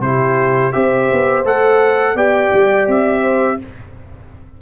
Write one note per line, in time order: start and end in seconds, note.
0.00 0.71 C3
0.00 0.73 E4
0.00 0.74 G4
0.00 0.73 C5
0.73 1.11 C4
0.73 1.44 G4
0.73 2.16 C5
0.73 1.44 E5
1.12 1.45 B3
1.45 2.15 A3
1.45 2.17 A4
1.45 2.17 F#5
2.15 2.51 B3
2.15 3.59 G4
2.15 3.22 D5
2.15 2.89 G5
2.54 2.87 G3
2.87 3.59 C4
2.87 3.62 E5
3.22 3.58 C5